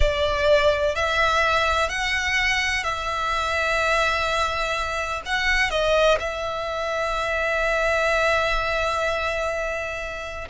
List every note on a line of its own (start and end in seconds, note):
0.00 0.95 D5
0.95 1.89 E5
1.89 2.83 F#5
2.83 5.21 E5
5.25 5.70 F#5
5.70 6.18 D#5
6.19 10.48 E5